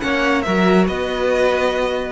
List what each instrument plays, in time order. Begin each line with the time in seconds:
0.00 cello A#3, viola C#4, violin C#5 F#5
0.42 cello F#3, viola F#4, violin A#4 E5
0.88 cello B3, violin B4 D#5